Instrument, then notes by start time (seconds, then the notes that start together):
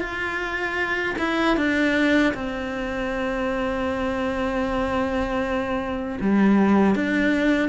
cello
0.00 F4
1.18 E4
1.57 D4
2.34 C4
6.21 G3
6.95 D4